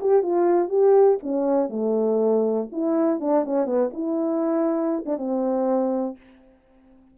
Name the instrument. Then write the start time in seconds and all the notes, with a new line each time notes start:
horn
0.00 G4
0.22 F4
0.68 G4
1.23 C#4
1.69 A3
2.72 E4
3.20 D4
3.44 C#4
3.65 B3
3.93 E4
5.05 D4
5.18 C4